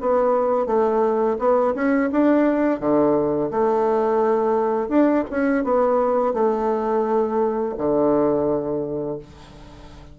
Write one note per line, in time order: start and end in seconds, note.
0.00 0.66 B3
0.66 1.37 A3
1.39 1.74 B3
1.75 2.10 C#4
2.12 2.80 D4
2.80 3.50 D3
3.51 4.88 A3
4.88 5.24 D4
5.30 5.64 C#4
5.64 6.33 B3
6.33 7.75 A3
7.77 9.19 D3